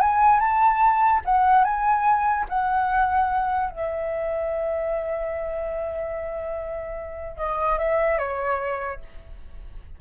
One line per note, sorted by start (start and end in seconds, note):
0.00 0.40 G#5
0.40 1.21 A5
1.25 1.64 F#5
1.64 2.45 G#5
2.48 3.70 F#5
3.70 7.37 E5
7.37 7.78 D#5
7.78 8.18 E5
8.18 8.99 C#5